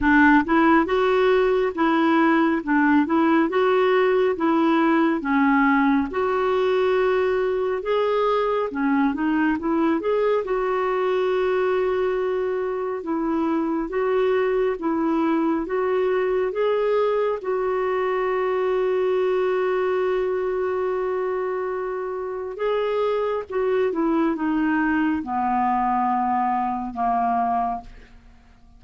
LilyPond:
\new Staff \with { instrumentName = "clarinet" } { \time 4/4 \tempo 4 = 69 d'8 e'8 fis'4 e'4 d'8 e'8 | fis'4 e'4 cis'4 fis'4~ | fis'4 gis'4 cis'8 dis'8 e'8 gis'8 | fis'2. e'4 |
fis'4 e'4 fis'4 gis'4 | fis'1~ | fis'2 gis'4 fis'8 e'8 | dis'4 b2 ais4 | }